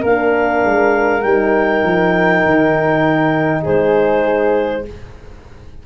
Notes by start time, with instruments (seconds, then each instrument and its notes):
0.00 tuba A#3, horn D4, flute A#4, clarinet F5
0.64 tuba G#3
1.22 tuba G3, horn D#4, clarinet G5
1.84 tuba F3
2.45 tuba D#3
3.62 tuba G#3, flute G#4, clarinet C5